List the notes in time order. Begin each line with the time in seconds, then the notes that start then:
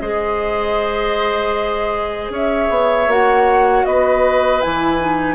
0.00 G#3 G#4 C5 D#5
2.29 C#4 C#5 E5
2.70 B3
3.07 A#3 F#4 F#5
3.85 B3 B4 D#5
4.61 E3 E4 G#5
5.00 D#4